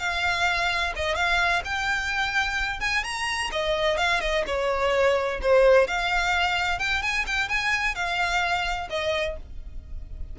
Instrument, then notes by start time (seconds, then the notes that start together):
violin
0.00 F5
0.97 D#5
1.16 F5
1.65 G5
2.81 G#5
3.04 A#5
3.52 D#5
3.98 F5
4.21 D#5
4.47 C#5
5.42 C5
5.88 F5
6.79 G5
7.03 G#5
7.27 G5
7.49 G#5
7.96 F5
8.90 D#5